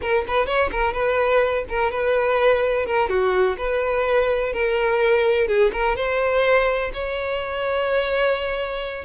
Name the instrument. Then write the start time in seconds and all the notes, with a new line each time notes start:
violin
0.01 A#4
0.27 B4
0.46 C#5
0.71 A#4
0.93 B4
1.68 A#4
1.91 B4
2.86 A#4
3.09 F#4
3.57 B4
4.52 A#4
5.47 G#4
5.72 A#4
5.95 C5
6.93 C#5